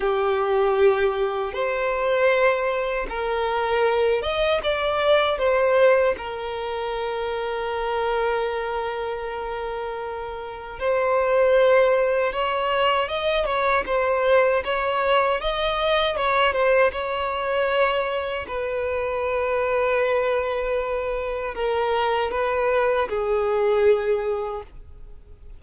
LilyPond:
\new Staff \with { instrumentName = "violin" } { \time 4/4 \tempo 4 = 78 g'2 c''2 | ais'4. dis''8 d''4 c''4 | ais'1~ | ais'2 c''2 |
cis''4 dis''8 cis''8 c''4 cis''4 | dis''4 cis''8 c''8 cis''2 | b'1 | ais'4 b'4 gis'2 | }